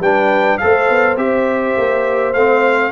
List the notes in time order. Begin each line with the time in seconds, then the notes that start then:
0.00 G3 D4 B4 G5
0.58 A3 A4 C5 F5
0.90 B3
1.17 C4 G4 E5
1.77 A#3
2.33 A3 C4 F5